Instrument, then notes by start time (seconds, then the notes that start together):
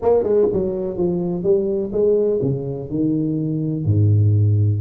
tuba
0.02 A#3
0.23 G#3
0.52 F#3
0.97 F3
1.43 G3
1.92 G#3
2.42 C#3
2.89 D#3
3.85 G#2